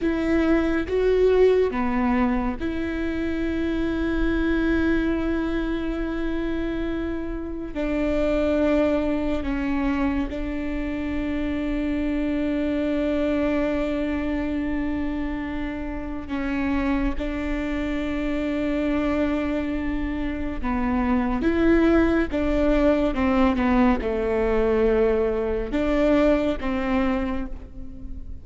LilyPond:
\new Staff \with { instrumentName = "viola" } { \time 4/4 \tempo 4 = 70 e'4 fis'4 b4 e'4~ | e'1~ | e'4 d'2 cis'4 | d'1~ |
d'2. cis'4 | d'1 | b4 e'4 d'4 c'8 b8 | a2 d'4 c'4 | }